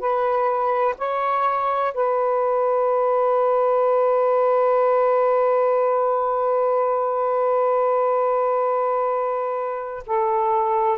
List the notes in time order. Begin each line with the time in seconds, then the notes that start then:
0.00 B4
0.99 C#5
1.94 B4
10.06 A4